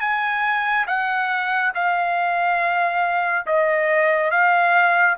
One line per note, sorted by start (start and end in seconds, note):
0.00 0.86 G#5
0.87 1.73 F#5
1.74 3.46 F5
3.46 4.31 D#5
4.31 5.17 F5